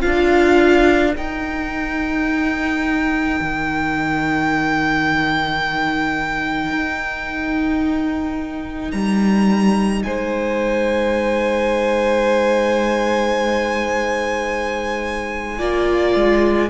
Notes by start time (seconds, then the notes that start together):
0.00 D4 F4 A#4 F5
1.17 D#4 G5
3.41 D#3
6.71 D#4
8.91 G3 A#5
10.03 G#3 C5 G#5
15.58 A#3 F4 D5
16.16 G#3